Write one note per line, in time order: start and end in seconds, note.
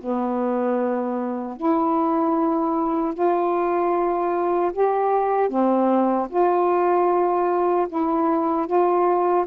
0.00 1.56 B3
1.56 3.14 E4
3.14 4.72 F4
4.73 5.49 G4
5.49 6.28 C4
6.29 7.87 F4
7.88 8.66 E4
8.66 9.45 F4